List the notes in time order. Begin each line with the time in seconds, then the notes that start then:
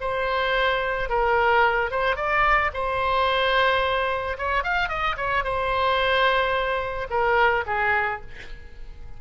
0.00 C5
1.09 A#4
1.90 C5
2.16 D5
2.73 C5
4.38 C#5
4.63 F5
4.88 D#5
5.16 C#5
5.43 C5
7.10 A#4
7.66 G#4